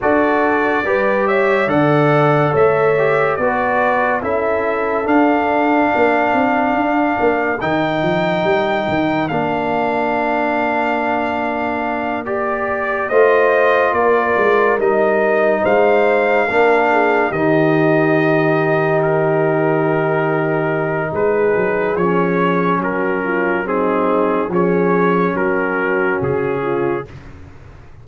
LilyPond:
<<
  \new Staff \with { instrumentName = "trumpet" } { \time 4/4 \tempo 4 = 71 d''4. e''8 fis''4 e''4 | d''4 e''4 f''2~ | f''4 g''2 f''4~ | f''2~ f''8 d''4 dis''8~ |
dis''8 d''4 dis''4 f''4.~ | f''8 dis''2 ais'4.~ | ais'4 b'4 cis''4 ais'4 | gis'4 cis''4 ais'4 gis'4 | }
  \new Staff \with { instrumentName = "horn" } { \time 4/4 a'4 b'8 cis''8 d''4 cis''4 | b'4 a'2 ais'4~ | ais'1~ | ais'2.~ ais'8 c''8~ |
c''8 ais'2 c''4 ais'8 | gis'8 g'2.~ g'8~ | g'4 gis'2 fis'8 f'8 | dis'4 gis'4 fis'4. f'8 | }
  \new Staff \with { instrumentName = "trombone" } { \time 4/4 fis'4 g'4 a'4. g'8 | fis'4 e'4 d'2~ | d'4 dis'2 d'4~ | d'2~ d'8 g'4 f'8~ |
f'4. dis'2 d'8~ | d'8 dis'2.~ dis'8~ | dis'2 cis'2 | c'4 cis'2. | }
  \new Staff \with { instrumentName = "tuba" } { \time 4/4 d'4 g4 d4 a4 | b4 cis'4 d'4 ais8 c'8 | d'8 ais8 dis8 f8 g8 dis8 ais4~ | ais2.~ ais8 a8~ |
a8 ais8 gis8 g4 gis4 ais8~ | ais8 dis2.~ dis8~ | dis4 gis8 fis8 f4 fis4~ | fis4 f4 fis4 cis4 | }
>>